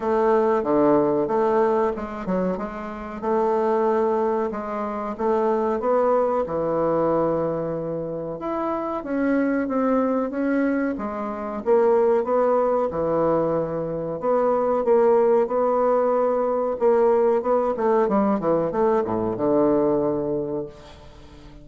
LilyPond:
\new Staff \with { instrumentName = "bassoon" } { \time 4/4 \tempo 4 = 93 a4 d4 a4 gis8 fis8 | gis4 a2 gis4 | a4 b4 e2~ | e4 e'4 cis'4 c'4 |
cis'4 gis4 ais4 b4 | e2 b4 ais4 | b2 ais4 b8 a8 | g8 e8 a8 a,8 d2 | }